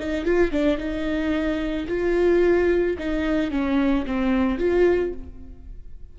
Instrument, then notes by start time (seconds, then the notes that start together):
viola
0.00 D#4
0.25 F4
0.52 D4
0.78 D#4
1.88 F4
2.99 D#4
3.51 C#4
4.06 C4
4.59 F4